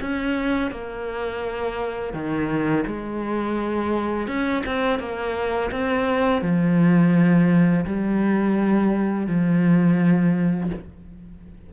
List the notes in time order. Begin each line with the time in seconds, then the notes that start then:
0.00 C#4
0.71 A#3
2.13 D#3
2.86 G#3
4.27 C#4
4.65 C4
4.99 A#3
5.71 C4
6.42 F3
7.85 G3
9.27 F3